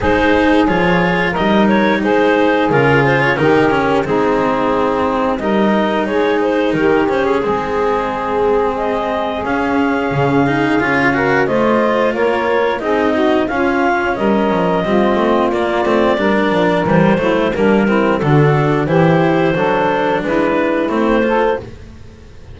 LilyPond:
<<
  \new Staff \with { instrumentName = "clarinet" } { \time 4/4 \tempo 4 = 89 c''4 cis''4 dis''8 cis''8 c''4 | ais'8 c''16 cis''16 ais'4 gis'2 | dis''4 cis''8 c''8 ais'8 c''16 gis'4~ gis'16~ | gis'4 dis''4 f''2~ |
f''4 dis''4 cis''4 dis''4 | f''4 dis''2 d''4~ | d''4 c''4 ais'4 a'4 | c''2 b'4 c''4 | }
  \new Staff \with { instrumentName = "saxophone" } { \time 4/4 gis'2 ais'4 gis'4~ | gis'4 g'4 dis'2 | ais'4 gis'4 g'4 gis'4~ | gis'1~ |
gis'8 ais'8 c''4 ais'4 gis'8 fis'8 | f'4 ais'4 f'2 | ais'4. e'8 d'8 e'8 fis'4 | g'4 a'4 e'4. a'8 | }
  \new Staff \with { instrumentName = "cello" } { \time 4/4 dis'4 f'4 dis'2 | f'4 dis'8 cis'8 c'2 | dis'2~ dis'8 cis'8 c'4~ | c'2 cis'4. dis'8 |
f'8 fis'8 f'2 dis'4 | cis'2 c'4 ais8 c'8 | d'4 g8 a8 ais8 c'8 d'4 | e'4 d'2 c'8 f'8 | }
  \new Staff \with { instrumentName = "double bass" } { \time 4/4 gis4 f4 g4 gis4 | cis4 dis4 gis2 | g4 gis4 dis4 gis4~ | gis2 cis'4 cis4 |
cis'4 a4 ais4 c'4 | cis'4 g8 f8 g8 a8 ais8 a8 | g8 f8 e8 fis8 g4 d4 | e4 fis4 gis4 a4 | }
>>